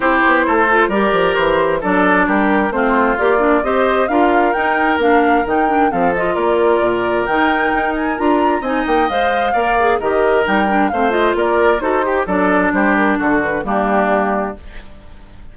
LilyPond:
<<
  \new Staff \with { instrumentName = "flute" } { \time 4/4 \tempo 4 = 132 c''2 d''4 c''4 | d''4 ais'4 c''4 d''4 | dis''4 f''4 g''4 f''4 | g''4 f''8 dis''8 d''2 |
g''4. gis''8 ais''4 gis''8 g''8 | f''2 dis''4 g''4 | f''8 dis''8 d''4 c''4 d''4 | c''8 ais'8 a'8 b'8 g'2 | }
  \new Staff \with { instrumentName = "oboe" } { \time 4/4 g'4 a'4 ais'2 | a'4 g'4 f'2 | c''4 ais'2.~ | ais'4 a'4 ais'2~ |
ais'2. dis''4~ | dis''4 d''4 ais'2 | c''4 ais'4 a'8 g'8 a'4 | g'4 fis'4 d'2 | }
  \new Staff \with { instrumentName = "clarinet" } { \time 4/4 e'4. f'8 g'2 | d'2 c'4 g'8 d'8 | g'4 f'4 dis'4 d'4 | dis'8 d'8 c'8 f'2~ f'8 |
dis'2 f'4 dis'4 | c''4 ais'8 gis'8 g'4 dis'8 d'8 | c'8 f'4. fis'8 g'8 d'4~ | d'2 ais2 | }
  \new Staff \with { instrumentName = "bassoon" } { \time 4/4 c'8 b8 a4 g8 f8 e4 | fis4 g4 a4 ais4 | c'4 d'4 dis'4 ais4 | dis4 f4 ais4 ais,4 |
dis4 dis'4 d'4 c'8 ais8 | gis4 ais4 dis4 g4 | a4 ais4 dis'4 fis4 | g4 d4 g2 | }
>>